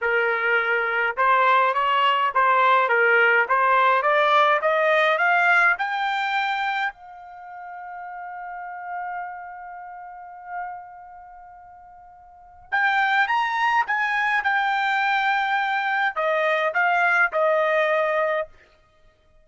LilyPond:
\new Staff \with { instrumentName = "trumpet" } { \time 4/4 \tempo 4 = 104 ais'2 c''4 cis''4 | c''4 ais'4 c''4 d''4 | dis''4 f''4 g''2 | f''1~ |
f''1~ | f''2 g''4 ais''4 | gis''4 g''2. | dis''4 f''4 dis''2 | }